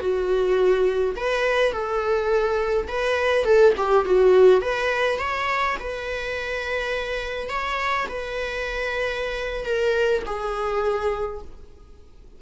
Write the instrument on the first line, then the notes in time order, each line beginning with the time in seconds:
viola
0.00 F#4
1.16 B4
1.73 A4
2.88 B4
3.45 A4
3.77 G4
4.06 F#4
4.62 B4
5.19 C#5
5.80 B4
7.50 C#5
8.09 B4
9.66 A#4
10.26 G#4